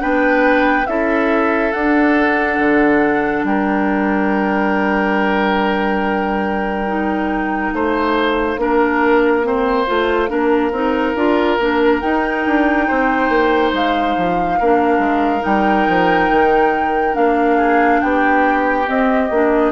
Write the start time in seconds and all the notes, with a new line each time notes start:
0.00 B3 D4 B4 G5
0.87 C#4 E4 A4 E5
1.72 D4 F#5
2.59 D3
3.43 G3 A#4 G5
6.88 D#4
7.73 A3 C5 F5
8.57 A#3 D4 A#4
9.44 C4 C5
9.87 A3 F4
10.28 A#3 D4 A#4
10.72 C4 D#4
11.15 D4 F4
11.59 A#3 D4
12.00 D#4 G5
12.46 D4
12.88 C4 C5
13.29 A#3
13.73 G#3 F5
14.17 F3
14.60 A#3 D4 A#4
14.99 G#3
15.40 G3 D#4 G5
15.88 F3
16.30 D#3
17.13 A#3 D4 F5
17.57 G#4
18.01 B3 G4 G5
18.86 C4 D#5
19.31 A#3 D4